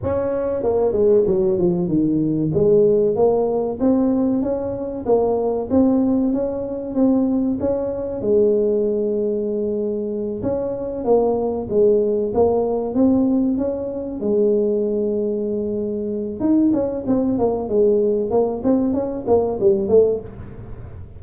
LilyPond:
\new Staff \with { instrumentName = "tuba" } { \time 4/4 \tempo 4 = 95 cis'4 ais8 gis8 fis8 f8 dis4 | gis4 ais4 c'4 cis'4 | ais4 c'4 cis'4 c'4 | cis'4 gis2.~ |
gis8 cis'4 ais4 gis4 ais8~ | ais8 c'4 cis'4 gis4.~ | gis2 dis'8 cis'8 c'8 ais8 | gis4 ais8 c'8 cis'8 ais8 g8 a8 | }